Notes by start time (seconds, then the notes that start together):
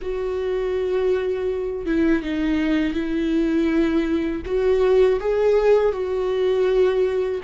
0.01 F#4
1.86 E4
2.22 D#4
2.93 E4
4.45 F#4
5.20 G#4
5.92 F#4